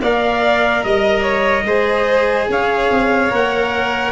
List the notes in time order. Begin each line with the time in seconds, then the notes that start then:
0.00 A#3 A#4 D5 F5
0.84 G3 D#5
1.22 C#5
1.64 G#3 G#4 C5
2.49 C#4 C#5 F5
2.90 C4
3.29 A#3 A#4 F#5